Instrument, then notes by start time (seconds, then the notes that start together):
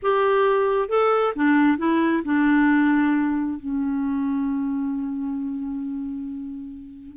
clarinet
0.02 G4
0.88 A4
1.35 D4
1.77 E4
2.24 D4
3.59 C#4